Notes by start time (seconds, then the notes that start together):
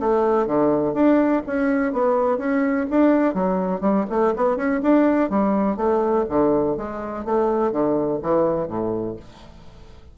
0.00 A3
0.47 D3
0.94 D4
1.47 C#4
1.93 B3
2.38 C#4
2.91 D4
3.35 F#3
3.81 G3
4.10 A3
4.37 B3
4.57 C#4
4.83 D4
5.30 G3
5.77 A3
6.29 D3
6.77 G#3
7.25 A3
7.72 D3
8.22 E3
8.68 A2